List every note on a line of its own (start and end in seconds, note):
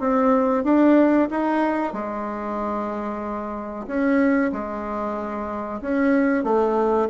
0.00 0.64 C4
0.64 1.29 D4
1.31 1.93 D#4
1.93 3.87 G#3
3.87 4.52 C#4
4.52 5.81 G#3
5.82 6.44 C#4
6.44 7.09 A3